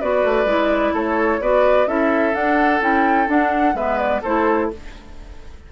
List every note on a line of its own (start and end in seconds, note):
0.00 0.24 B3
0.00 0.47 F#4
0.00 0.93 B4
0.00 0.94 D5
0.24 0.45 A3
0.45 0.92 G#3
0.45 1.40 E4
0.93 1.40 A3
0.93 1.40 A4
0.93 1.42 C#5
1.40 1.86 B3
1.40 1.87 F#4
1.40 1.88 B4
1.40 1.88 D5
1.86 2.33 C#4
1.86 2.33 E4
1.86 3.75 A4
1.86 2.34 E5
2.33 2.80 D4
2.33 2.81 F#5
2.80 3.27 C#4
2.80 3.27 E4
2.80 3.29 G5
3.27 3.74 D4
3.27 3.76 F#5
3.74 4.21 G#3
3.74 4.22 B3
3.74 4.22 B4
3.74 3.98 E5
3.98 4.21 D5
4.22 4.71 A3
4.22 4.72 E4
4.22 4.69 A4
4.22 4.70 C5